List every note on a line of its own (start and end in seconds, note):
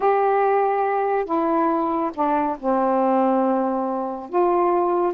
0.00 1.25 G4
1.25 2.11 E4
2.14 2.57 D4
2.59 4.29 C4
4.29 5.13 F4